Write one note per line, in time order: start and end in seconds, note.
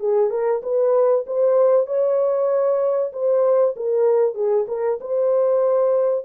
0.00 0.30 G#4
0.30 0.62 A#4
0.63 1.25 B4
1.27 1.87 C5
1.87 3.12 C#5
3.12 3.75 C5
3.76 4.35 A#4
4.35 4.66 G#4
4.68 4.99 A#4
5.01 6.25 C5